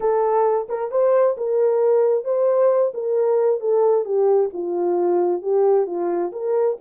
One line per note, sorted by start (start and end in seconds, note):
0.00 0.67 A4
0.68 0.91 A#4
0.91 1.36 C5
1.37 2.24 A#4
2.24 2.92 C5
2.94 3.60 A#4
3.60 4.04 A4
4.04 4.49 G4
4.53 5.42 F4
5.42 5.86 G4
5.86 6.31 F4
6.32 6.77 A#4